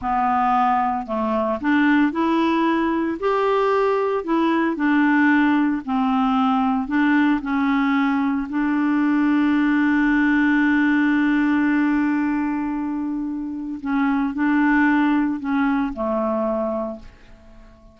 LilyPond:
\new Staff \with { instrumentName = "clarinet" } { \time 4/4 \tempo 4 = 113 b2 a4 d'4 | e'2 g'2 | e'4 d'2 c'4~ | c'4 d'4 cis'2 |
d'1~ | d'1~ | d'2 cis'4 d'4~ | d'4 cis'4 a2 | }